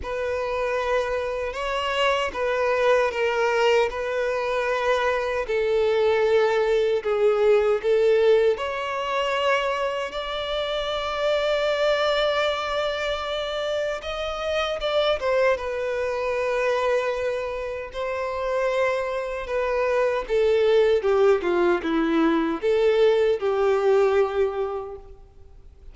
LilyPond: \new Staff \with { instrumentName = "violin" } { \time 4/4 \tempo 4 = 77 b'2 cis''4 b'4 | ais'4 b'2 a'4~ | a'4 gis'4 a'4 cis''4~ | cis''4 d''2.~ |
d''2 dis''4 d''8 c''8 | b'2. c''4~ | c''4 b'4 a'4 g'8 f'8 | e'4 a'4 g'2 | }